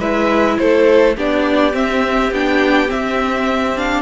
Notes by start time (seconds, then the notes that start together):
0.00 G#3 E4 B4 E5
0.58 A3 A4 C5
1.17 B3 D4 G4 D5
1.73 C4 E5
2.31 B3 D4 G5
2.88 C4 E5
3.77 D4 F5